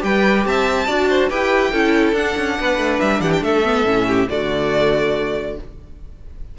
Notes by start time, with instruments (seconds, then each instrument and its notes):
0.00 cello G3, viola G4, violin B4 G5
0.46 cello C4, violin E5 A5
0.86 cello D4, viola F#4, violin D5
1.10 violin C5
1.29 cello E4, viola G4, violin B4 G5
1.71 cello C#4, viola E4, violin A4
2.13 cello D4, viola D4, violin F#5
2.37 cello C#4
2.60 cello B3, violin B4
2.78 cello A3
3.00 cello G3, violin E5
3.21 cello E3, violin G4 F#5
3.33 violin G5
3.41 cello A3, violin A4 E5
3.64 viola B3
3.85 cello A2, viola C#4
4.08 violin G4
4.28 cello D3, viola A3, violin F#4 D5